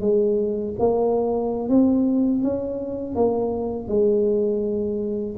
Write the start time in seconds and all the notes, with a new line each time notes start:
0.00 G#3
0.79 A#3
1.69 C4
2.43 C#4
3.15 A#3
3.88 G#3